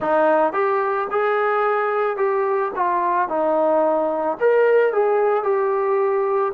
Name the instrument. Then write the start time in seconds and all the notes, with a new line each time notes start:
trombone
0.00 D#4
0.53 G4
1.10 G#4
2.17 G4
2.75 F4
3.28 D#4
4.40 A#4
4.92 G#4
5.42 G4